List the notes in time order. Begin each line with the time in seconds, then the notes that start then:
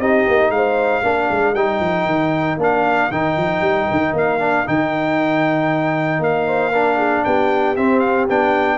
0.00 C4 D#4 G4 D#5
0.28 A#3
0.51 G#3 C5 F5
1.03 A#3 D4 A#4
1.31 G#3
1.54 G3 D#4 G5
1.80 F3
2.06 D#3
2.58 A#3 D4 F5
3.12 D#3 D#4 G5
3.38 F3
3.61 G3
3.91 D#3
4.13 A#3 F5
4.40 D4
4.66 D#3 D#4 G5
6.20 A#3 F5
6.47 C5
6.72 D4 A#4
6.98 G#4
7.25 B3 G4 G5
7.77 C4 E5
8.00 F5
8.29 B3 D4 G5